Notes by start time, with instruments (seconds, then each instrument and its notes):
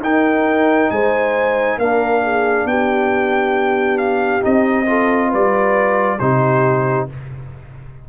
0.00 tuba D#4, trombone D#4, horn A#4, trumpet G5
0.91 tuba G#3, horn C5, trumpet G#5
1.78 tuba A#3, trombone D4, horn A#4, trumpet F5
2.23 horn G#4
2.66 tuba B3, horn G4, trumpet G5
3.99 trumpet F5
4.42 tuba C4, trombone D#4, trumpet D#5
4.86 trombone F4, horn A4
5.29 tuba G3, horn B4, trumpet D5
6.19 tuba C3, trombone D#4, horn G4, trumpet C5